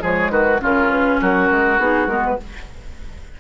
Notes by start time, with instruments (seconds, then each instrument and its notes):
0.00 bassoon F3, clarinet G#3, oboe G#4, flute C#5
0.31 bassoon D#3, oboe F#4, flute B4
0.61 bassoon C#3, clarinet C#4, oboe F4, flute A#4
0.91 flute B4
1.21 bassoon F#3, oboe F#4, flute A#4
1.51 bassoon G#3
1.79 bassoon B3, clarinet D#4, flute G#4
2.07 bassoon G#3, clarinet B3, flute A#4
2.26 flute B4